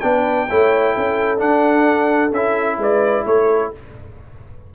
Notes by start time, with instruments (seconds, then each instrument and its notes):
0.00 tuba B3, trombone D4, horn B4, trumpet G5
0.49 tuba A3, trombone E4, horn C#5
0.93 tuba C#4, horn A4
1.38 trombone D4, tuba D4, trumpet F#5
2.32 tuba C#4, trombone E4, trumpet E5
2.78 tuba G#3, horn B4, trumpet D5
3.25 tuba A3, horn A4, trumpet C#5